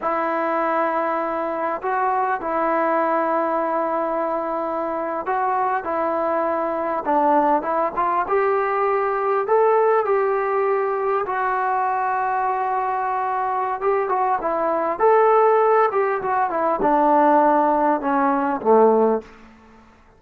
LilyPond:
\new Staff \with { instrumentName = "trombone" } { \time 4/4 \tempo 4 = 100 e'2. fis'4 | e'1~ | e'8. fis'4 e'2 d'16~ | d'8. e'8 f'8 g'2 a'16~ |
a'8. g'2 fis'4~ fis'16~ | fis'2. g'8 fis'8 | e'4 a'4. g'8 fis'8 e'8 | d'2 cis'4 a4 | }